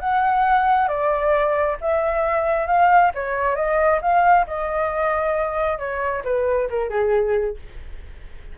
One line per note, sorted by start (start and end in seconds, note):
0.00 0.88 F#5
0.88 1.77 D5
1.81 2.67 E5
2.67 3.12 F5
3.15 3.56 C#5
3.56 4.00 D#5
4.02 4.46 F5
4.47 5.79 D#5
5.79 6.23 C#5
6.25 6.69 B4
6.70 6.90 A#4
6.90 7.57 G#4